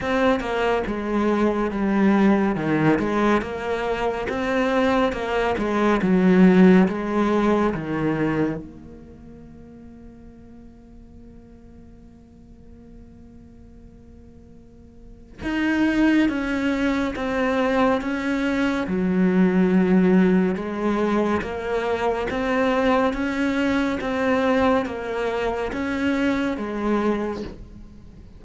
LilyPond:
\new Staff \with { instrumentName = "cello" } { \time 4/4 \tempo 4 = 70 c'8 ais8 gis4 g4 dis8 gis8 | ais4 c'4 ais8 gis8 fis4 | gis4 dis4 ais2~ | ais1~ |
ais2 dis'4 cis'4 | c'4 cis'4 fis2 | gis4 ais4 c'4 cis'4 | c'4 ais4 cis'4 gis4 | }